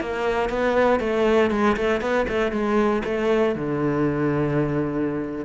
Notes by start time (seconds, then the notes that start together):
0.00 A#3
0.49 B3
0.99 A3
1.50 G#3
1.76 A3
2.00 B3
2.28 A3
2.51 G#3
3.04 A3
3.55 D3